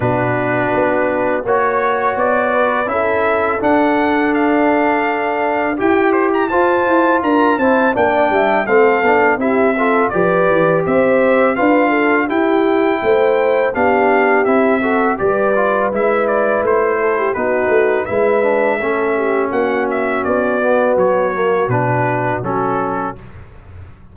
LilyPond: <<
  \new Staff \with { instrumentName = "trumpet" } { \time 4/4 \tempo 4 = 83 b'2 cis''4 d''4 | e''4 fis''4 f''2 | g''8 c''16 ais''16 a''4 ais''8 a''8 g''4 | f''4 e''4 d''4 e''4 |
f''4 g''2 f''4 | e''4 d''4 e''8 d''8 c''4 | b'4 e''2 fis''8 e''8 | d''4 cis''4 b'4 a'4 | }
  \new Staff \with { instrumentName = "horn" } { \time 4/4 fis'2 cis''4. b'8 | a'1 | g'4 c''4 ais'8 c''8 d''8 e''8 | a'4 g'8 a'8 b'4 c''4 |
b'8 a'8 g'4 c''4 g'4~ | g'8 a'8 b'2~ b'8 a'16 g'16 | fis'4 b'4 a'8 g'8 fis'4~ | fis'1 | }
  \new Staff \with { instrumentName = "trombone" } { \time 4/4 d'2 fis'2 | e'4 d'2. | g'4 f'4. e'8 d'4 | c'8 d'8 e'8 f'8 g'2 |
f'4 e'2 d'4 | e'8 fis'8 g'8 f'8 e'2 | dis'4 e'8 d'8 cis'2~ | cis'8 b4 ais8 d'4 cis'4 | }
  \new Staff \with { instrumentName = "tuba" } { \time 4/4 b,4 b4 ais4 b4 | cis'4 d'2. | e'4 f'8 e'8 d'8 c'8 ais8 g8 | a8 b8 c'4 f8 e8 c'4 |
d'4 e'4 a4 b4 | c'4 g4 gis4 a4 | b8 a8 gis4 a4 ais4 | b4 fis4 b,4 fis4 | }
>>